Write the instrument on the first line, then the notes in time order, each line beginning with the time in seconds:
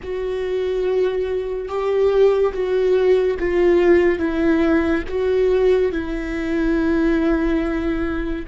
viola
0.02 F#4
1.68 G4
2.53 F#4
3.39 F4
4.18 E4
5.08 F#4
5.92 E4